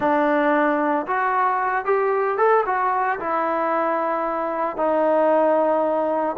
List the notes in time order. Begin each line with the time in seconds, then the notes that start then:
0.00 D4
1.06 F#4
1.85 G4
2.37 A4
2.65 F#4
3.19 E4
4.76 D#4